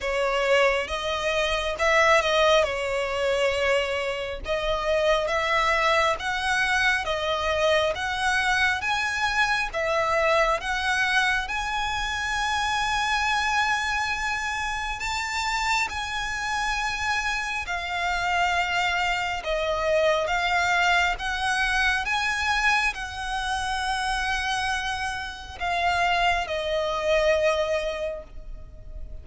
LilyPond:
\new Staff \with { instrumentName = "violin" } { \time 4/4 \tempo 4 = 68 cis''4 dis''4 e''8 dis''8 cis''4~ | cis''4 dis''4 e''4 fis''4 | dis''4 fis''4 gis''4 e''4 | fis''4 gis''2.~ |
gis''4 a''4 gis''2 | f''2 dis''4 f''4 | fis''4 gis''4 fis''2~ | fis''4 f''4 dis''2 | }